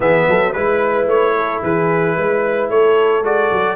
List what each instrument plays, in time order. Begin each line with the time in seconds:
0.00 tuba E3, trombone B3, horn G#4, trumpet E5
0.28 tuba F#3, horn A4
0.53 tuba G#3, trombone E4, trumpet B4, horn B4
1.06 tuba A3, trumpet C#5
1.36 horn A4
1.62 tuba E3, horn G#4, trumpet B4
2.16 tuba G#3, horn B4
2.69 tuba A3, horn A4, trumpet C#5
3.21 tuba G#3, trombone F#4, trumpet D5
3.51 tuba F#3